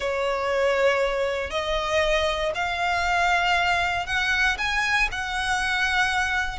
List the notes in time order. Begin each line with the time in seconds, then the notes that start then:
0.00 C#5
1.50 D#5
2.54 F5
4.06 F#5
4.58 G#5
5.11 F#5